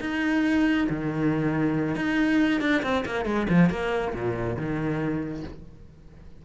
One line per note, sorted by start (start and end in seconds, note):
0.00 0.87 D#4
0.89 1.95 D#3
1.95 2.60 D#4
2.60 2.82 D4
2.82 3.04 C4
3.05 3.25 A#3
3.25 3.46 G#3
3.49 3.70 F3
3.70 4.13 A#3
4.14 4.56 A#2
4.56 5.43 D#3